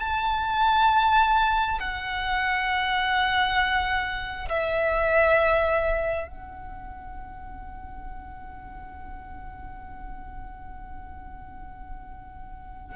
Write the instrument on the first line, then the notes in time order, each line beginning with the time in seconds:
violin
0.00 A5
1.80 F#5
4.49 E5
6.28 F#5